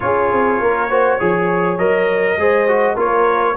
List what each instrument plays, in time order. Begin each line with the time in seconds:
0.00 tuba C#4, trombone F4, horn G#4, trumpet C#5
0.32 tuba C4
0.60 tuba A#3, horn A#4
0.89 trombone F#4, horn C5
1.17 tuba F3, trombone G#4, horn C#5
1.77 tuba F#3, trombone A#4, trumpet D#5
2.37 tuba G#3, trombone G#4, horn C5
2.68 trombone F#4
2.94 tuba A#3, trombone F4, horn A#4, trumpet C#5